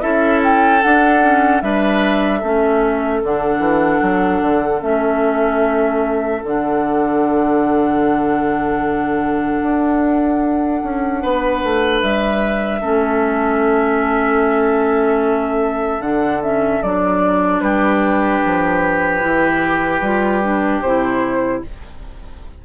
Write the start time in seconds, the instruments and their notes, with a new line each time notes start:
0.00 bassoon C#4, clarinet E4, oboe A4, flute E5
0.43 flute G5
0.82 clarinet D4, bassoon D4, flute F#5
1.22 clarinet C#4
1.61 bassoon G3, clarinet D4, oboe B4, flute E5
2.39 bassoon A3, clarinet C#4, oboe A4
3.23 bassoon D3, clarinet D4, flute F#5
3.59 bassoon E3
4.02 bassoon F#3
4.41 bassoon D3
4.81 bassoon A3, clarinet C#4, flute E5
6.42 bassoon D3, clarinet D4, flute F#5
9.62 bassoon D4
10.83 bassoon C#4
11.22 bassoon B3, oboe B4
11.63 bassoon A3
12.01 bassoon G3, flute E5
12.80 bassoon A3, clarinet C#4, oboe A4
15.99 bassoon D3, clarinet D4, flute F#5
16.42 clarinet C#4, flute E5
16.82 bassoon F#3, clarinet D4, flute D5
17.60 bassoon G3, oboe G4, flute B4
18.45 bassoon F3
19.21 bassoon E3, clarinet E4
20.00 bassoon G3, clarinet F4
20.43 clarinet D4
20.81 bassoon C3, clarinet E4, flute C5